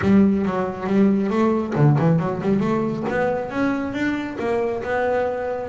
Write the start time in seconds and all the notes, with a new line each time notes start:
0.01 G3
0.45 F#3
0.86 G3
1.29 A3
1.75 D3
1.98 E3
2.19 F#3
2.41 G3
2.60 A3
3.09 B3
3.50 C#4
3.93 D4
4.39 A#3
4.83 B3